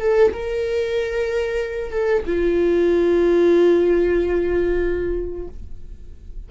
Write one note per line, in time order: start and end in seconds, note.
0.00 0.32 A4
0.33 1.91 A#4
1.91 2.23 A4
2.26 5.48 F4